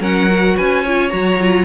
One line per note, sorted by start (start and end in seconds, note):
0.00 0.55 F#3
0.00 0.28 C#4
0.00 0.56 A#4
0.00 0.57 F#5
0.29 0.84 F#4
0.56 1.12 C#4
0.56 0.83 B4
0.56 1.09 G#5
0.83 1.10 F4
0.83 1.64 C#5
1.09 1.64 F#3
1.09 1.37 F#4
1.09 1.64 A#5
1.40 1.64 F4